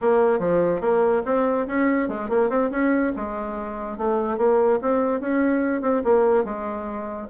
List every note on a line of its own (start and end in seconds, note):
0.01 0.39 A#3
0.39 0.80 F3
0.80 1.22 A#3
1.25 1.67 C4
1.67 2.08 C#4
2.08 2.29 G#3
2.29 2.49 A#3
2.49 2.70 C4
2.70 3.12 C#4
3.16 3.97 G#3
3.97 4.37 A3
4.37 4.79 A#3
4.81 5.20 C4
5.20 5.81 C#4
5.81 6.02 C4
6.03 6.44 A#3
6.44 7.27 G#3